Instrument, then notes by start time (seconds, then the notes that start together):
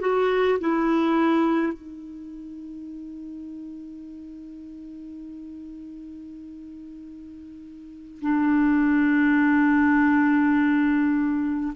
clarinet
0.00 F#4
0.59 E4
1.73 D#4
8.21 D4